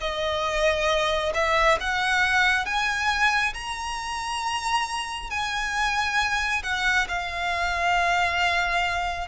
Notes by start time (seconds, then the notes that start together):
0.00 D#5
1.34 E5
1.80 F#5
2.65 G#5
3.53 A#5
5.30 G#5
6.63 F#5
7.08 F5